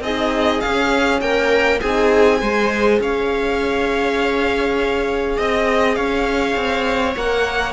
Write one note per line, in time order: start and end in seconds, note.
0.00 0.59 C4
0.00 0.63 D#4
0.00 1.22 G#4
0.00 0.60 D#5
0.60 1.80 C#4
0.60 1.21 C#4
0.60 1.20 F5
1.20 1.80 A#3
1.20 1.80 A#4
1.20 1.80 G5
1.80 2.41 C4
1.80 2.40 D#4
1.80 2.40 G#4
1.80 2.99 G#5
2.41 3.00 G#3
2.41 7.15 G#4
2.41 3.01 C5
3.00 5.37 C#4
3.00 5.37 C#5
3.00 5.38 F5
5.37 5.96 C4
5.37 5.96 D#5
5.37 5.95 D#5
5.95 6.56 C#4
5.95 7.73 C#5
5.95 7.14 F5
6.56 7.15 C4
7.15 7.73 A#3
7.15 7.73 A#4
7.15 7.73 F#5